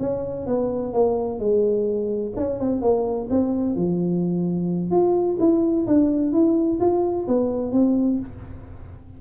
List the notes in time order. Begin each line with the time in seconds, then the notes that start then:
0.00 C#4
0.47 B3
0.93 A#3
1.40 G#3
2.37 C#4
2.60 C4
2.82 A#3
3.30 C4
3.76 F3
4.91 F4
5.40 E4
5.87 D4
6.33 E4
6.80 F4
7.28 B3
7.73 C4